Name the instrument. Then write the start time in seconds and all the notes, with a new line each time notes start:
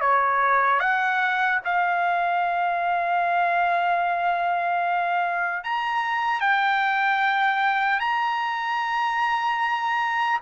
trumpet
0.00 C#5
0.80 F#5
1.64 F5
5.64 A#5
6.40 G5
7.99 A#5